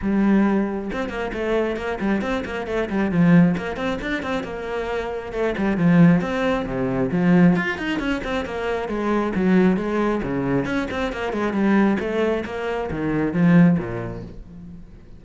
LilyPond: \new Staff \with { instrumentName = "cello" } { \time 4/4 \tempo 4 = 135 g2 c'8 ais8 a4 | ais8 g8 c'8 ais8 a8 g8 f4 | ais8 c'8 d'8 c'8 ais2 | a8 g8 f4 c'4 c4 |
f4 f'8 dis'8 cis'8 c'8 ais4 | gis4 fis4 gis4 cis4 | cis'8 c'8 ais8 gis8 g4 a4 | ais4 dis4 f4 ais,4 | }